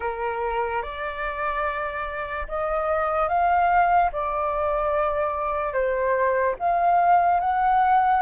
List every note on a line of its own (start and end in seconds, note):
0.00 0.82 A#4
0.82 2.47 D5
2.48 3.28 D#5
3.28 4.10 F5
4.12 5.73 D5
5.73 6.55 C5
6.59 7.40 F5
7.40 8.22 F#5